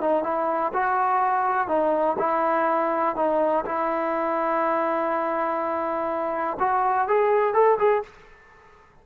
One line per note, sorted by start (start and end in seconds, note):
0.00 0.23 D#4
0.23 0.72 E4
0.73 1.68 F#4
1.68 2.16 D#4
2.18 3.16 E4
3.16 3.64 D#4
3.65 6.57 E4
6.59 7.08 F#4
7.08 7.53 G#4
7.53 7.78 A4
7.78 8.02 G#4